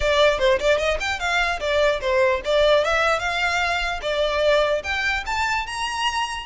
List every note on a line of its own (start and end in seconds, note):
0.00 0.38 D5
0.38 0.59 C5
0.59 0.78 D5
0.78 0.98 D#5
1.00 1.19 G5
1.19 1.59 F5
1.60 2.00 D5
2.00 2.41 C5
2.45 2.84 D5
2.84 3.19 E5
3.19 3.99 F5
4.02 4.82 D5
4.83 5.23 G5
5.26 5.66 A5
5.66 6.46 A#5